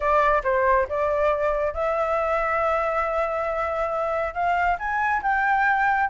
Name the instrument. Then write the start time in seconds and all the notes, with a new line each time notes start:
flute
0.00 D5
0.43 C5
0.88 D5
1.73 E5
4.34 F5
4.78 G#5
5.22 G5